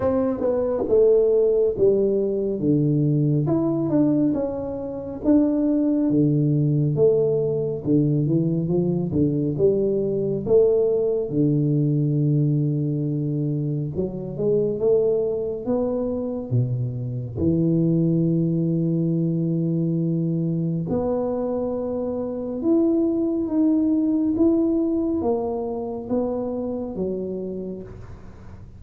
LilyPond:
\new Staff \with { instrumentName = "tuba" } { \time 4/4 \tempo 4 = 69 c'8 b8 a4 g4 d4 | e'8 d'8 cis'4 d'4 d4 | a4 d8 e8 f8 d8 g4 | a4 d2. |
fis8 gis8 a4 b4 b,4 | e1 | b2 e'4 dis'4 | e'4 ais4 b4 fis4 | }